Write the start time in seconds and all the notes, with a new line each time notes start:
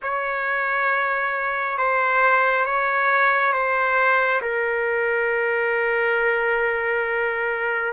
0.02 C#5
1.78 C5
2.65 C#5
3.53 C5
4.41 A#4